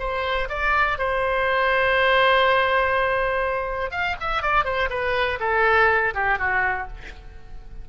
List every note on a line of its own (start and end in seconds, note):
0.00 0.49 C5
0.49 0.99 D5
0.99 3.91 C5
3.91 4.16 F5
4.21 4.43 E5
4.43 4.65 D5
4.65 4.90 C5
4.90 5.39 B4
5.40 6.14 A4
6.15 6.39 G4
6.39 6.88 F#4